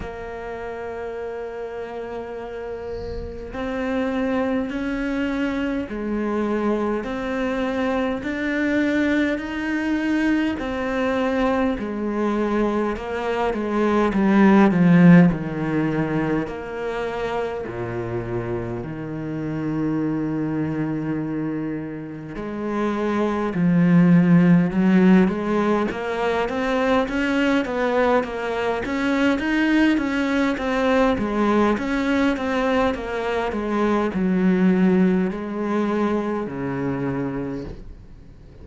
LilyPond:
\new Staff \with { instrumentName = "cello" } { \time 4/4 \tempo 4 = 51 ais2. c'4 | cis'4 gis4 c'4 d'4 | dis'4 c'4 gis4 ais8 gis8 | g8 f8 dis4 ais4 ais,4 |
dis2. gis4 | f4 fis8 gis8 ais8 c'8 cis'8 b8 | ais8 cis'8 dis'8 cis'8 c'8 gis8 cis'8 c'8 | ais8 gis8 fis4 gis4 cis4 | }